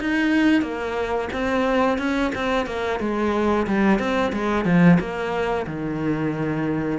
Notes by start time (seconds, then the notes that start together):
0.00 D#4
0.62 A#3
1.32 C4
1.98 C#4
2.35 C4
2.66 A#3
3.00 G#3
3.67 G3
3.99 C4
4.32 G#3
4.65 F3
4.99 A#3
5.66 D#3